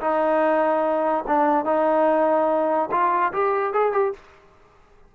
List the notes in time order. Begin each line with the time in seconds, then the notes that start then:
0.00 D#4
1.27 D4
1.65 D#4
2.91 F4
3.33 G4
3.73 G#4
3.92 G4